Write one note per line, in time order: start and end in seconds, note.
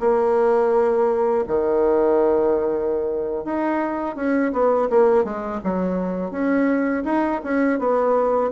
0.00 1.45 A#3
1.48 3.45 D#3
3.45 4.16 D#4
4.16 4.52 C#4
4.53 4.89 B3
4.90 5.24 A#3
5.24 5.60 G#3
5.64 6.31 F#3
6.31 7.04 C#4
7.05 7.41 D#4
7.44 7.79 C#4
7.79 8.51 B3